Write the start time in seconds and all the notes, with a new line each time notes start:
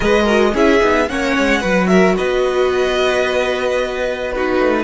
0.00 G#3 G#4 B4 D#5
0.23 F#4 A#4
0.53 C#4 E4 G#4 E5
0.80 B3 D#4
1.08 A#3 C#4 C#5 F#5
1.37 G#3
1.60 F#3 F#4 B4
1.87 A#4 E5
2.17 B3 B4 D#5
4.31 D#4 F#4 B4
4.59 A3